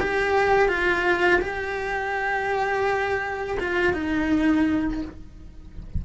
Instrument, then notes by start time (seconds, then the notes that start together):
cello
0.00 G4
0.68 F4
1.41 G4
3.60 F4
3.93 D#4